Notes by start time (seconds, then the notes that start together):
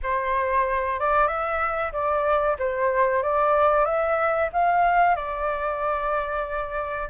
0.02 C5
0.99 D5
1.27 E5
1.92 D5
2.58 C5
3.23 D5
3.85 E5
4.52 F5
5.15 D5